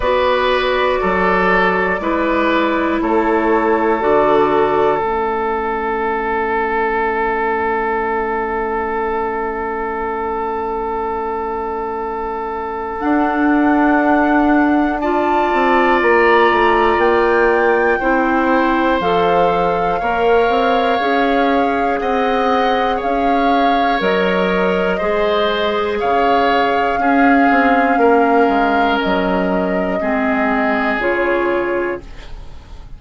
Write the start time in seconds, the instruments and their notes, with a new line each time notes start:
0.00 bassoon B3, clarinet F#4, oboe B4, flute D5
1.00 bassoon F#3, oboe A4
2.00 bassoon G#3, clarinet E4, oboe B4
3.01 bassoon A3, oboe A4, flute C#5
4.00 bassoon D3, clarinet F#4, flute D5
4.99 bassoon A3, clarinet C#4, flute E5
12.99 clarinet D4, bassoon D4, flute F#5
14.99 clarinet F4, oboe D5, flute A5
15.53 bassoon C4
16.01 bassoon A#3, flute A#5
16.51 bassoon A3
16.97 bassoon A#3, flute G5
17.99 bassoon C4, clarinet E4, oboe C5
19.00 bassoon F3, clarinet A4, flute F5
19.99 bassoon A#3, clarinet A#4, oboe C#5
20.48 bassoon C4
20.99 bassoon C#4, clarinet G#4
22.00 bassoon C4, oboe D#5, flute F#5
22.96 oboe C#5, flute F5
23.03 bassoon C#4
23.99 bassoon F#3, clarinet A#4, flute D#5
24.98 bassoon G#3, clarinet G#4, oboe C5
25.99 bassoon C#3, oboe C#5, flute F5
26.97 bassoon C#4, clarinet C#4, oboe G#4
27.50 bassoon C4
27.97 bassoon A#3, oboe A#4
28.48 bassoon G#3
29.00 bassoon F#3, flute D#5
30.00 bassoon G#3, clarinet C4, oboe G#4
30.97 bassoon C#3, clarinet F4, flute C#5